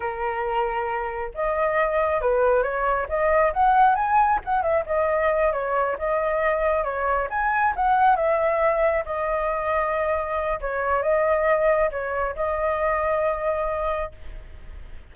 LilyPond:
\new Staff \with { instrumentName = "flute" } { \time 4/4 \tempo 4 = 136 ais'2. dis''4~ | dis''4 b'4 cis''4 dis''4 | fis''4 gis''4 fis''8 e''8 dis''4~ | dis''8 cis''4 dis''2 cis''8~ |
cis''8 gis''4 fis''4 e''4.~ | e''8 dis''2.~ dis''8 | cis''4 dis''2 cis''4 | dis''1 | }